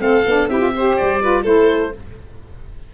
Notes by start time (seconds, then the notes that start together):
0.00 A3 C4 A4 F5
0.26 B3 D4
0.48 C4 E4 G4 E5
0.59 F4
0.75 G4 C5
0.96 G3 D5
1.21 F4 B4
1.43 A3 E4 A4 C5